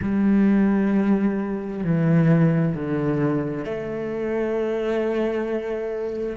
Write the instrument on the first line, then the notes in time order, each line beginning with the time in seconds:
cello
0.02 G3
1.83 E3
2.74 D3
3.64 A3